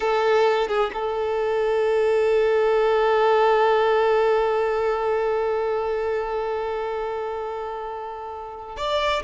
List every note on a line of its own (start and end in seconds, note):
0.00 0.68 A4
0.68 0.91 G#4
0.93 8.77 A4
8.77 9.23 D5